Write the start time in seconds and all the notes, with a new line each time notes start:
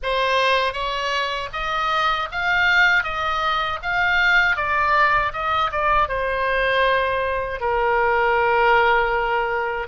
0.02 C5
0.73 C#5
1.52 D#5
2.31 F5
3.03 D#5
3.82 F5
4.56 D5
5.32 D#5
5.71 D5
6.08 C5
7.60 A#4